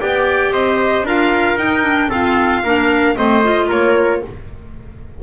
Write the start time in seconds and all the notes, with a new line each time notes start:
0.00 B3 G4 D5 G5
0.52 C4 C5 D#5
1.03 D4 F4 A#4 F5
1.56 D#4 G5
1.84 D4
2.10 C4 F4 A4 F5
2.64 A#3 D4 A#4
3.17 A3 C4 C5 D#5
3.44 F4
3.68 A#3 A#4 C#5